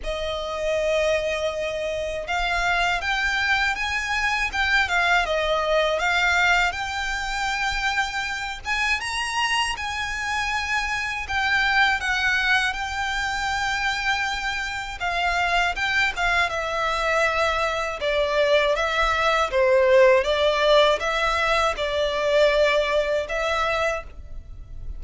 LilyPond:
\new Staff \with { instrumentName = "violin" } { \time 4/4 \tempo 4 = 80 dis''2. f''4 | g''4 gis''4 g''8 f''8 dis''4 | f''4 g''2~ g''8 gis''8 | ais''4 gis''2 g''4 |
fis''4 g''2. | f''4 g''8 f''8 e''2 | d''4 e''4 c''4 d''4 | e''4 d''2 e''4 | }